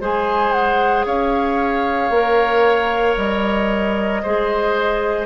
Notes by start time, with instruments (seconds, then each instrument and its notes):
0.00 bassoon G#3, clarinet G#4, oboe C5, flute G#5
0.52 flute F#5
1.05 bassoon C#4, oboe C#5, flute F5
2.10 bassoon A#3, clarinet A#4
3.17 bassoon G3, flute D#5
4.22 bassoon G#3, clarinet G#4, oboe C5